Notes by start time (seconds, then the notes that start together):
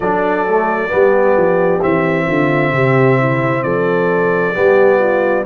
0.00 F#3 D4 A4 D5
0.47 A3
0.88 G3 B3 G4
1.36 F3
1.81 E3 C4 E5
2.26 D3 F4
2.72 C3 G4
3.18 E4
3.62 F3 A4 D5
4.54 G3 B3 G4
4.99 F4